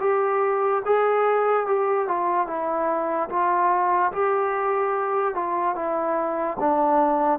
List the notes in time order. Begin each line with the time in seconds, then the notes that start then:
0.00 G4
0.85 G#4
1.66 G4
2.07 F4
2.47 E4
3.29 F4
4.12 G4
5.35 F4
5.75 E4
6.60 D4